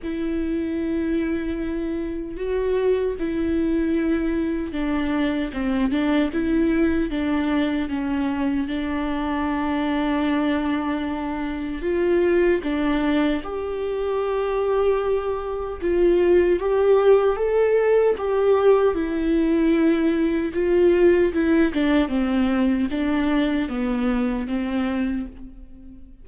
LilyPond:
\new Staff \with { instrumentName = "viola" } { \time 4/4 \tempo 4 = 76 e'2. fis'4 | e'2 d'4 c'8 d'8 | e'4 d'4 cis'4 d'4~ | d'2. f'4 |
d'4 g'2. | f'4 g'4 a'4 g'4 | e'2 f'4 e'8 d'8 | c'4 d'4 b4 c'4 | }